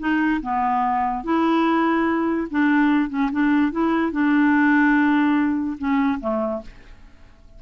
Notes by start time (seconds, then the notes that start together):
0.00 D#4
0.43 B3
1.24 E4
2.51 D4
3.10 C#4
3.32 D4
3.72 E4
4.12 D4
5.79 C#4
6.21 A3